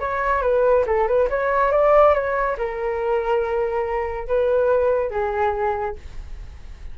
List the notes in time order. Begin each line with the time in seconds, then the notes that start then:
0.00 C#5
0.42 B4
0.86 A4
1.08 B4
1.30 C#5
1.72 D5
2.14 C#5
2.57 A#4
4.27 B4
5.10 G#4